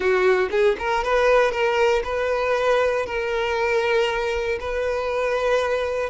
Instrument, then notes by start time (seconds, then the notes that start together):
violin
0.00 F#4
0.51 G#4
0.79 A#4
1.04 B4
1.51 A#4
2.04 B4
3.06 A#4
4.59 B4